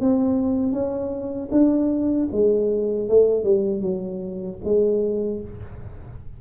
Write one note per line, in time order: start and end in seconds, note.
0.00 0.72 C4
0.72 1.49 C#4
1.51 2.28 D4
2.32 3.08 G#3
3.08 3.43 A3
3.43 3.81 G3
3.81 4.58 F#3
4.64 5.41 G#3